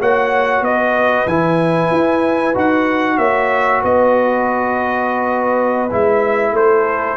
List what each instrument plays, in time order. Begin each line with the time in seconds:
0.00 tuba A#3, trombone F#4, horn C#5, trumpet F#5
0.61 tuba B3, horn B4, trumpet D#5
1.26 tuba E3, trombone E4, trumpet G#5
1.91 tuba E4
2.54 tuba D#4, trombone F#4, trumpet F#5
3.17 tuba A#3, horn C#5, trumpet E5
3.81 tuba B3, horn B4, trumpet D#5
5.91 tuba G#3, trombone E4, trumpet E5
6.52 tuba A3, horn A4, trumpet C5